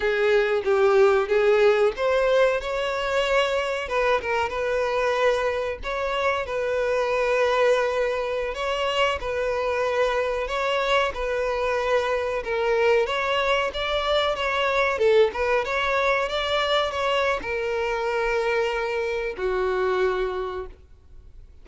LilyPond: \new Staff \with { instrumentName = "violin" } { \time 4/4 \tempo 4 = 93 gis'4 g'4 gis'4 c''4 | cis''2 b'8 ais'8 b'4~ | b'4 cis''4 b'2~ | b'4~ b'16 cis''4 b'4.~ b'16~ |
b'16 cis''4 b'2 ais'8.~ | ais'16 cis''4 d''4 cis''4 a'8 b'16~ | b'16 cis''4 d''4 cis''8. ais'4~ | ais'2 fis'2 | }